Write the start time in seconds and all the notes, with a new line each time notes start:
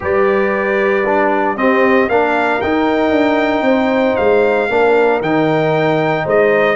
0.00 G3 G4 B4 D5
1.06 D4
1.56 C4 G4 D#5
2.08 A#3 D4 A#4 F5
2.61 D#4 G5
3.11 D4
3.61 C4 C5
4.16 G#3 F5
4.69 A#3 D4 A#4
5.21 D#3 D#4 G5
6.24 G#3 C5 D#5